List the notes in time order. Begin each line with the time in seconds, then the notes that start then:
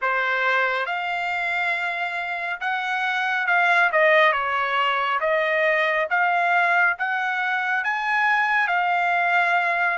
0.01 C5
0.86 F5
2.60 F#5
3.47 F5
3.92 D#5
4.32 C#5
5.20 D#5
6.09 F5
6.98 F#5
7.84 G#5
8.68 F5